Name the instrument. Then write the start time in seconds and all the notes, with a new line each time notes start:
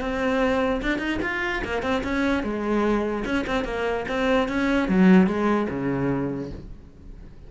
cello
0.00 C4
0.82 D4
0.98 D#4
1.22 F4
1.64 A#3
1.82 C4
2.03 C#4
2.43 G#3
3.25 C#4
3.46 C4
3.64 A#3
4.08 C4
4.48 C#4
4.88 F#3
5.26 G#3
5.69 C#3